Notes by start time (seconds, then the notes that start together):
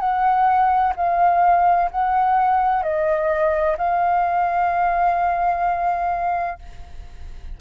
0.00 F#5
0.96 F5
1.91 F#5
2.83 D#5
3.78 F5